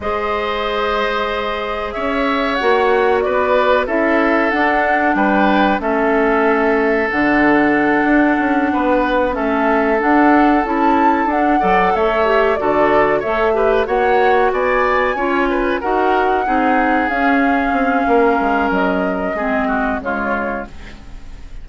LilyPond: <<
  \new Staff \with { instrumentName = "flute" } { \time 4/4 \tempo 4 = 93 dis''2. e''4 | fis''4 d''4 e''4 fis''4 | g''4 e''2 fis''4~ | fis''2~ fis''8 e''4 fis''8~ |
fis''8 a''4 fis''4 e''4 d''8~ | d''8 e''4 fis''4 gis''4.~ | gis''8 fis''2 f''4.~ | f''4 dis''2 cis''4 | }
  \new Staff \with { instrumentName = "oboe" } { \time 4/4 c''2. cis''4~ | cis''4 b'4 a'2 | b'4 a'2.~ | a'4. b'4 a'4.~ |
a'2 d''8 cis''4 a'8~ | a'8 cis''8 b'8 cis''4 d''4 cis''8 | b'8 ais'4 gis'2~ gis'8 | ais'2 gis'8 fis'8 f'4 | }
  \new Staff \with { instrumentName = "clarinet" } { \time 4/4 gis'1 | fis'2 e'4 d'4~ | d'4 cis'2 d'4~ | d'2~ d'8 cis'4 d'8~ |
d'8 e'4 d'8 a'4 g'8 fis'8~ | fis'8 a'8 g'8 fis'2 f'8~ | f'8 fis'4 dis'4 cis'4.~ | cis'2 c'4 gis4 | }
  \new Staff \with { instrumentName = "bassoon" } { \time 4/4 gis2. cis'4 | ais4 b4 cis'4 d'4 | g4 a2 d4~ | d8 d'8 cis'8 b4 a4 d'8~ |
d'8 cis'4 d'8 fis8 a4 d8~ | d8 a4 ais4 b4 cis'8~ | cis'8 dis'4 c'4 cis'4 c'8 | ais8 gis8 fis4 gis4 cis4 | }
>>